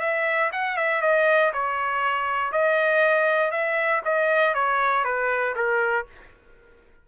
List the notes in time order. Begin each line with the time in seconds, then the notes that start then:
0.00 E5
0.52 F#5
0.77 E5
1.02 D#5
1.53 C#5
2.52 D#5
3.51 E5
4.05 D#5
4.54 C#5
5.04 B4
5.55 A#4